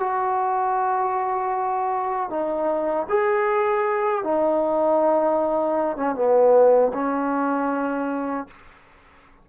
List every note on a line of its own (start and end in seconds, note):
0.00 2.30 F#4
2.30 3.07 D#4
3.09 4.24 G#4
4.24 5.97 D#4
5.97 6.15 C#4
6.15 6.92 B3
6.94 8.48 C#4